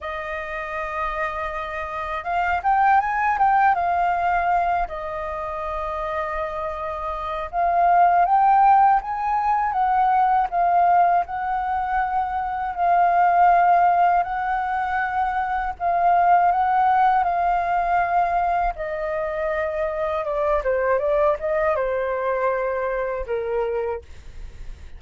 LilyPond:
\new Staff \with { instrumentName = "flute" } { \time 4/4 \tempo 4 = 80 dis''2. f''8 g''8 | gis''8 g''8 f''4. dis''4.~ | dis''2 f''4 g''4 | gis''4 fis''4 f''4 fis''4~ |
fis''4 f''2 fis''4~ | fis''4 f''4 fis''4 f''4~ | f''4 dis''2 d''8 c''8 | d''8 dis''8 c''2 ais'4 | }